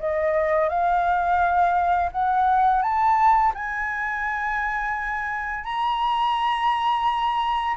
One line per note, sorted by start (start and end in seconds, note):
0.00 0.70 D#5
0.70 2.11 F5
2.12 2.83 F#5
2.83 3.53 A5
3.55 5.65 G#5
5.65 7.76 A#5